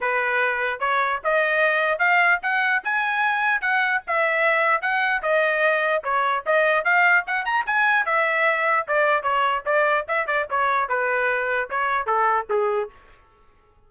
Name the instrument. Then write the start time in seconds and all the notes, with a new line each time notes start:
trumpet
0.00 B4
0.79 C#5
1.24 D#5
1.98 F5
2.42 F#5
2.84 G#5
3.61 F#5
4.07 E5
4.81 F#5
5.22 D#5
6.03 C#5
6.46 D#5
6.84 F5
7.27 F#5
7.45 A#5
7.66 G#5
8.05 E5
8.87 D5
9.23 C#5
9.65 D5
10.08 E5
10.26 D5
10.50 C#5
10.88 B4
11.69 C#5
12.06 A4
12.49 G#4